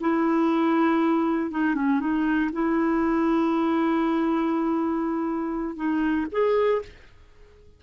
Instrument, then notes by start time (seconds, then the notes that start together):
clarinet
0.00 E4
1.50 D#4
1.75 C#4
1.99 D#4
2.52 E4
5.76 D#4
6.31 G#4